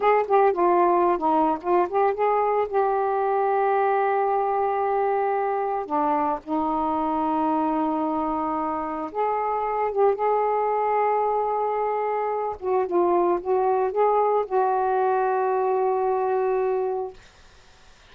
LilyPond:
\new Staff \with { instrumentName = "saxophone" } { \time 4/4 \tempo 4 = 112 gis'8 g'8 f'4~ f'16 dis'8. f'8 g'8 | gis'4 g'2.~ | g'2. d'4 | dis'1~ |
dis'4 gis'4. g'8 gis'4~ | gis'2.~ gis'8 fis'8 | f'4 fis'4 gis'4 fis'4~ | fis'1 | }